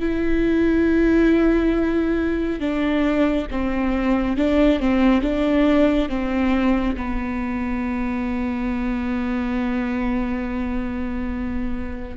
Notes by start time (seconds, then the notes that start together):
0.00 E4
2.60 D4
3.51 C4
4.37 D4
4.80 C4
5.22 D4
6.09 C4
6.96 B3